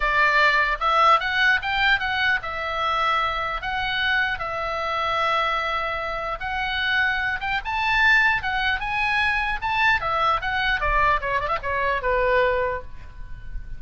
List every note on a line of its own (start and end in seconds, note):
0.00 0.77 D5
0.80 1.20 E5
1.20 1.60 F#5
1.62 1.99 G5
1.99 2.39 F#5
2.42 3.61 E5
3.61 4.39 F#5
4.39 6.39 E5
6.40 7.40 F#5
7.40 7.60 G5
7.64 8.42 A5
8.42 8.80 F#5
8.80 9.60 G#5
9.61 10.01 A5
10.01 10.41 E5
10.41 10.80 F#5
10.80 11.20 D5
11.20 11.40 C#5
11.40 11.48 D5
11.48 11.58 E5
11.62 12.01 C#5
12.01 12.81 B4